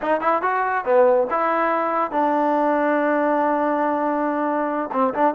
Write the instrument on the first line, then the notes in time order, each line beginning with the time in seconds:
trombone
0.01 D#4
0.20 E4
0.41 F#4
0.84 B3
1.30 E4
2.11 D4
4.92 C4
5.14 D4